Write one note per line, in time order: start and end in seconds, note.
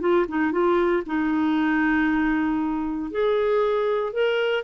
0.00 0.26 F4
0.28 0.52 D#4
0.52 1.03 F4
1.06 3.11 D#4
3.11 4.13 G#4
4.13 4.63 A#4